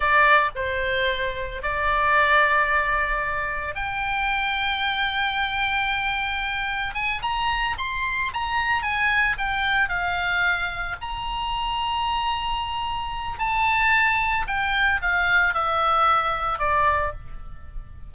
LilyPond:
\new Staff \with { instrumentName = "oboe" } { \time 4/4 \tempo 4 = 112 d''4 c''2 d''4~ | d''2. g''4~ | g''1~ | g''4 gis''8 ais''4 c'''4 ais''8~ |
ais''8 gis''4 g''4 f''4.~ | f''8 ais''2.~ ais''8~ | ais''4 a''2 g''4 | f''4 e''2 d''4 | }